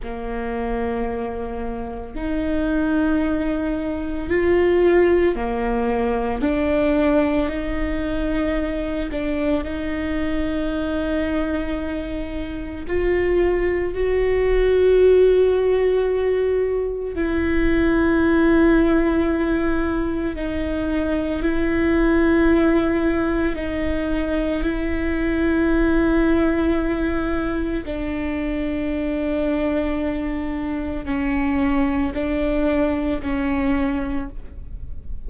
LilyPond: \new Staff \with { instrumentName = "viola" } { \time 4/4 \tempo 4 = 56 ais2 dis'2 | f'4 ais4 d'4 dis'4~ | dis'8 d'8 dis'2. | f'4 fis'2. |
e'2. dis'4 | e'2 dis'4 e'4~ | e'2 d'2~ | d'4 cis'4 d'4 cis'4 | }